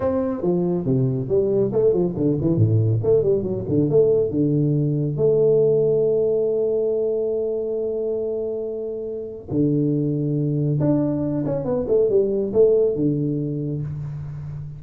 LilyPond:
\new Staff \with { instrumentName = "tuba" } { \time 4/4 \tempo 4 = 139 c'4 f4 c4 g4 | a8 f8 d8 e8 a,4 a8 g8 | fis8 d8 a4 d2 | a1~ |
a1~ | a2 d2~ | d4 d'4. cis'8 b8 a8 | g4 a4 d2 | }